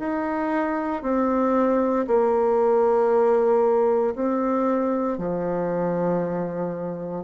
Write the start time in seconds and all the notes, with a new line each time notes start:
0.00 D#4
1.03 C4
2.08 A#3
4.16 C4
5.18 F3